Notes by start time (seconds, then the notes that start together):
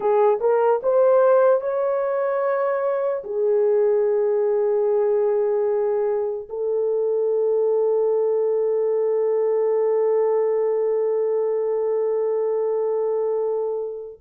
0.00 G#4
0.40 A#4
0.83 C5
1.60 C#5
3.24 G#4
6.49 A4